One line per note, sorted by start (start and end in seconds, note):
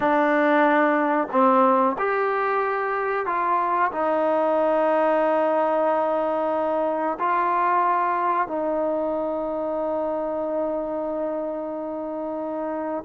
0.00 1.27 D4
1.31 1.96 C4
1.98 3.25 G4
3.25 3.91 F4
3.92 7.18 D#4
7.19 8.47 F4
8.47 13.04 D#4